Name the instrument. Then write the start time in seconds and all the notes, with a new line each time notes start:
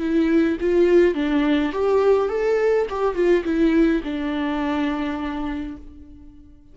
viola
0.00 E4
0.61 F4
1.15 D4
1.73 G4
2.29 A4
2.90 G4
3.15 F4
3.45 E4
4.04 D4